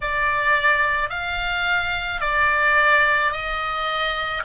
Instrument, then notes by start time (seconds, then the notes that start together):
oboe
0.01 D5
1.09 F5
2.20 D5
3.31 D#5